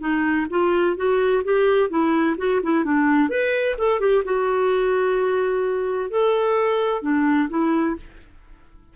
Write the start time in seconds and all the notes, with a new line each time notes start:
0.00 D#4
0.50 F4
0.97 F#4
1.44 G4
1.90 E4
2.38 F#4
2.63 E4
2.85 D4
3.29 B4
3.78 A4
4.00 G4
4.24 F#4
6.10 A4
7.02 D4
7.49 E4